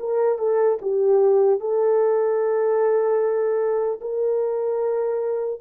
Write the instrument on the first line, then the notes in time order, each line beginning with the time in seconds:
horn
0.00 A#4
0.39 A4
0.82 G4
1.60 A4
4.01 A#4